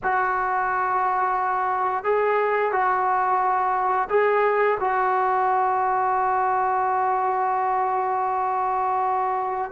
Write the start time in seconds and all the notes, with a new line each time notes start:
0.03 F#4
2.04 G#4
2.71 F#4
4.09 G#4
4.79 F#4